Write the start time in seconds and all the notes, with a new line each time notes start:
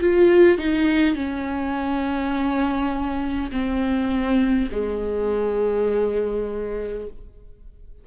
0.00 F4
0.58 D#4
1.15 C#4
3.51 C4
4.72 G#3